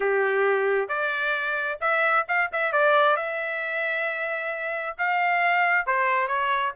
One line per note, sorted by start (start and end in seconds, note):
0.00 0.88 G4
0.88 1.78 D5
1.80 2.26 E5
2.28 2.50 F5
2.52 2.72 E5
2.72 3.16 D5
3.16 4.96 E5
4.97 5.86 F5
5.86 6.27 C5
6.27 6.72 C#5